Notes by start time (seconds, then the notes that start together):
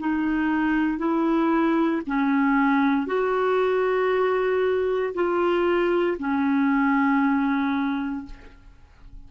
0.00 D#4
0.99 E4
2.07 C#4
3.07 F#4
5.14 F4
6.19 C#4